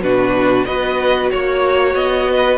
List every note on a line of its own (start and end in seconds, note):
0.00 0.65 B2
0.00 0.67 D4
0.00 0.67 F#4
0.00 0.65 B4
0.65 1.31 B3
0.65 2.58 F#4
0.65 1.32 B4
0.65 1.29 D#5
1.31 1.95 A#3
1.31 1.95 C#5
1.31 2.31 C#5
1.95 2.58 B3
1.95 2.58 D#5
2.31 2.58 B4